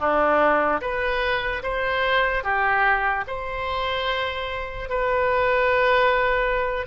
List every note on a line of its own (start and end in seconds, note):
0.00 0.81 D4
0.82 1.63 B4
1.63 2.44 C5
2.44 3.25 G4
3.28 4.90 C5
4.90 6.87 B4